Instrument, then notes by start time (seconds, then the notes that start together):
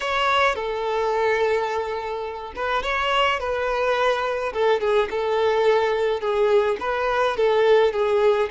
violin
0.00 C#5
0.55 A4
2.55 B4
2.83 C#5
3.39 B4
4.53 A4
4.80 G#4
5.10 A4
6.20 G#4
6.80 B4
7.37 A4
7.92 G#4